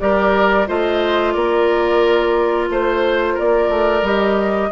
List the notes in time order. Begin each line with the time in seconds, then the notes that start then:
0.00 G3 G4 A#4 D5
0.67 A3 F4 C5 D#5
1.32 A#3 A#4 D5
2.69 A3 C5
3.34 A#3 A#4 D5
3.69 A3
4.02 G3 G4 D#5